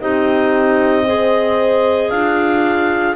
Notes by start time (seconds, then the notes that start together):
0.00 C4 D#4 G4 D#5
1.06 G#4 C5
2.10 D4 F4 F5